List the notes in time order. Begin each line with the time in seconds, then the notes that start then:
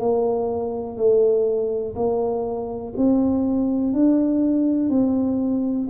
0.00 A#3
0.97 A3
1.95 A#3
2.97 C4
3.93 D4
4.90 C4